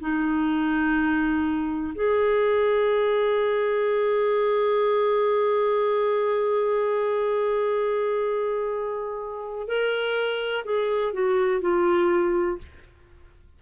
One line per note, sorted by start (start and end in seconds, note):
0.00 1.94 D#4
1.94 9.67 G#4
9.67 10.64 A#4
10.65 11.13 G#4
11.13 11.61 F#4
11.61 12.58 F4